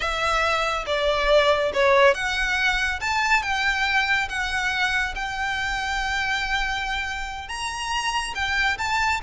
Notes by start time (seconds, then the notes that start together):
0.00 E5
0.86 D5
1.73 C#5
2.14 F#5
3.00 A5
3.42 G5
4.28 F#5
5.15 G5
7.48 A#5
8.34 G5
8.78 A5